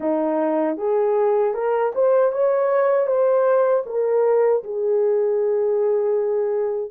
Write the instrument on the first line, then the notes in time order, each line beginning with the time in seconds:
horn
0.00 D#4
0.77 G#4
1.54 A#4
1.94 C5
2.31 C#5
3.06 C5
3.86 A#4
4.63 G#4